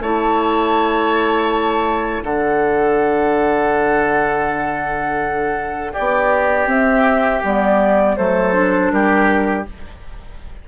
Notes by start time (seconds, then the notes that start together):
0.00 A3 E4 C#5 A5
2.23 D3 D4 A4 F#5
5.93 B3 G4 D5
6.66 C4 E5
7.44 G3 B3 D5
8.17 F#3 A3 A4 C5
8.53 D4
8.91 G3 G4 A#4